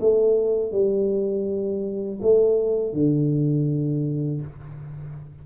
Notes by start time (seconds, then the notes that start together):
0.00 A3
0.72 G3
2.22 A3
2.93 D3